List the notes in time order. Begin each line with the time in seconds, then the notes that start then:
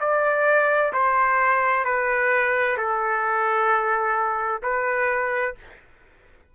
0.00 D5
0.93 C5
1.84 B4
2.77 A4
4.62 B4